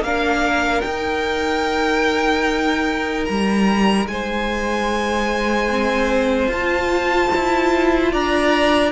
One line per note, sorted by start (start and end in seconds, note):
0.00 0.81 A#3
0.00 0.86 D4
0.00 4.11 A#4
0.00 0.82 F5
0.82 3.28 D#4
0.82 5.70 D#4
0.82 3.25 G5
3.25 4.06 G3
3.25 4.06 A#5
4.06 6.47 G#3
4.06 8.12 C5
4.06 6.51 G#5
5.70 6.51 C4
6.47 7.28 F4
6.47 8.14 A5
6.53 8.92 F4
7.35 8.13 E4
8.12 8.92 D4
8.12 8.92 D5
8.12 8.92 A#5